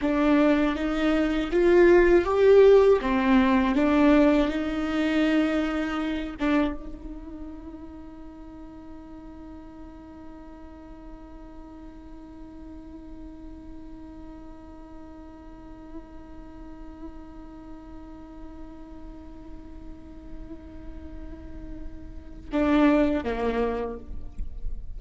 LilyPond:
\new Staff \with { instrumentName = "viola" } { \time 4/4 \tempo 4 = 80 d'4 dis'4 f'4 g'4 | c'4 d'4 dis'2~ | dis'8 d'8 dis'2.~ | dis'1~ |
dis'1~ | dis'1~ | dis'1~ | dis'2 d'4 ais4 | }